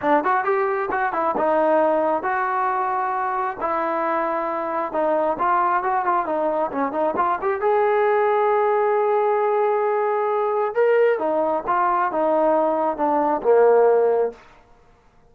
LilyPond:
\new Staff \with { instrumentName = "trombone" } { \time 4/4 \tempo 4 = 134 d'8 fis'8 g'4 fis'8 e'8 dis'4~ | dis'4 fis'2. | e'2. dis'4 | f'4 fis'8 f'8 dis'4 cis'8 dis'8 |
f'8 g'8 gis'2.~ | gis'1 | ais'4 dis'4 f'4 dis'4~ | dis'4 d'4 ais2 | }